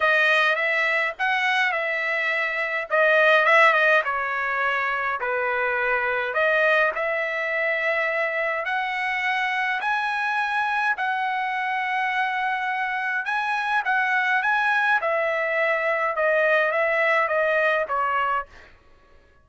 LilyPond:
\new Staff \with { instrumentName = "trumpet" } { \time 4/4 \tempo 4 = 104 dis''4 e''4 fis''4 e''4~ | e''4 dis''4 e''8 dis''8 cis''4~ | cis''4 b'2 dis''4 | e''2. fis''4~ |
fis''4 gis''2 fis''4~ | fis''2. gis''4 | fis''4 gis''4 e''2 | dis''4 e''4 dis''4 cis''4 | }